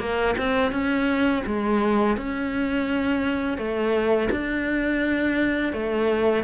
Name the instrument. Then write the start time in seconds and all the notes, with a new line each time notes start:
cello
0.00 A#3
0.38 C4
0.72 C#4
1.46 G#3
2.18 C#4
3.58 A3
4.31 D4
5.73 A3